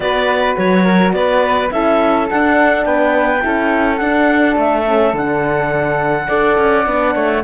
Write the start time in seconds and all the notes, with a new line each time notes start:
0.00 B3 F#4 B4 D5
0.57 F#3 C#5
0.84 A#4
1.12 B3 B4 D5
1.71 C#4 E4 A4 E5
2.29 D4 F#5
2.84 B3 B4 G5
3.40 C#4 E4 A4
3.97 D4 F#5
4.55 A3 E5
4.85 C#4
5.13 D3 D4 F#5
6.27 D4 A4 D5
6.57 C#4
6.86 B3 D4
7.14 A3 C#5